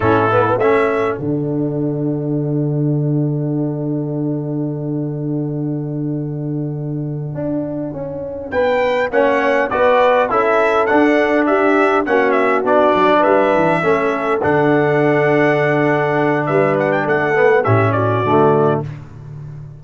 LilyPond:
<<
  \new Staff \with { instrumentName = "trumpet" } { \time 4/4 \tempo 4 = 102 a'4 e''4 fis''2~ | fis''1~ | fis''1~ | fis''2~ fis''8 g''4 fis''8~ |
fis''8 d''4 e''4 fis''4 e''8~ | e''8 fis''8 e''8 d''4 e''4.~ | e''8 fis''2.~ fis''8 | e''8 fis''16 g''16 fis''4 e''8 d''4. | }
  \new Staff \with { instrumentName = "horn" } { \time 4/4 e'4 a'2.~ | a'1~ | a'1~ | a'2~ a'8 b'4 cis''8~ |
cis''8 b'4 a'2 g'8~ | g'8 fis'2 b'4 a'8~ | a'1 | b'4 a'4 g'8 fis'4. | }
  \new Staff \with { instrumentName = "trombone" } { \time 4/4 cis'8 b8 cis'4 d'2~ | d'1~ | d'1~ | d'2.~ d'8 cis'8~ |
cis'8 fis'4 e'4 d'4.~ | d'8 cis'4 d'2 cis'8~ | cis'8 d'2.~ d'8~ | d'4. b8 cis'4 a4 | }
  \new Staff \with { instrumentName = "tuba" } { \time 4/4 a,4 a4 d2~ | d1~ | d1~ | d8 d'4 cis'4 b4 ais8~ |
ais8 b4 cis'4 d'4.~ | d'8 ais4 b8 fis8 g8 e8 a8~ | a8 d2.~ d8 | g4 a4 a,4 d4 | }
>>